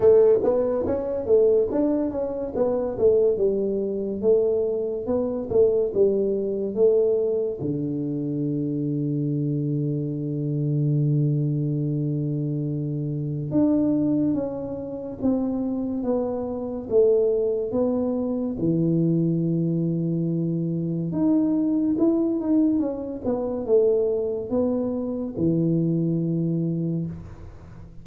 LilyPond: \new Staff \with { instrumentName = "tuba" } { \time 4/4 \tempo 4 = 71 a8 b8 cis'8 a8 d'8 cis'8 b8 a8 | g4 a4 b8 a8 g4 | a4 d2.~ | d1 |
d'4 cis'4 c'4 b4 | a4 b4 e2~ | e4 dis'4 e'8 dis'8 cis'8 b8 | a4 b4 e2 | }